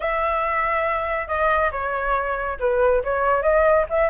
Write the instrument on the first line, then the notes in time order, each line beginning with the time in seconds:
flute
0.00 E5
1.27 D#5
1.71 C#5
2.59 B4
3.04 C#5
3.42 D#5
3.89 E5